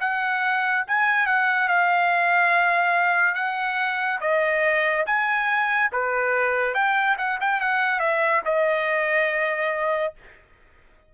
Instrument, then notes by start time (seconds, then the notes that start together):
trumpet
0.00 F#5
0.87 G#5
1.26 F#5
1.68 F5
3.35 F#5
4.20 D#5
5.06 G#5
5.92 B4
6.74 G5
7.18 F#5
7.41 G5
7.60 F#5
7.99 E5
8.45 D#5